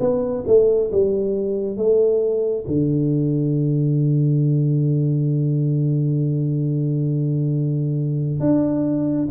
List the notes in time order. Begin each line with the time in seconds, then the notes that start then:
0.00 B3
0.47 A3
0.92 G3
1.77 A3
2.67 D3
8.40 D4